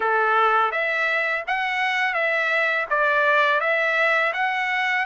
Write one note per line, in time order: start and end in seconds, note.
0.00 0.71 A4
0.71 1.44 E5
1.47 2.13 F#5
2.13 2.86 E5
2.90 3.60 D5
3.60 4.32 E5
4.33 5.05 F#5